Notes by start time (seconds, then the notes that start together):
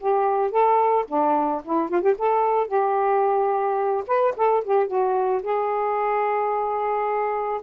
0.00 G4
0.51 A4
1.08 D4
1.64 E4
1.89 F4
2.02 G4
2.18 A4
2.68 G4
4.07 B4
4.37 A4
4.65 G4
4.87 F#4
5.43 G#4